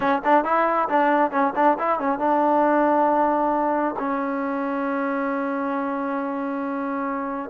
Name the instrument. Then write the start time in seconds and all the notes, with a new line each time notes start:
trombone
0.00 C#4
0.24 D4
0.44 E4
0.88 D4
1.31 C#4
1.55 D4
1.78 E4
1.99 C#4
2.18 D4
3.98 C#4